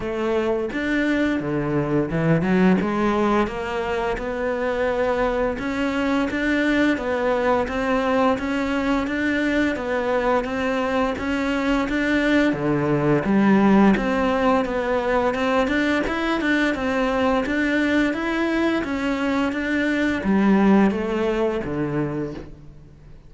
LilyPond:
\new Staff \with { instrumentName = "cello" } { \time 4/4 \tempo 4 = 86 a4 d'4 d4 e8 fis8 | gis4 ais4 b2 | cis'4 d'4 b4 c'4 | cis'4 d'4 b4 c'4 |
cis'4 d'4 d4 g4 | c'4 b4 c'8 d'8 e'8 d'8 | c'4 d'4 e'4 cis'4 | d'4 g4 a4 d4 | }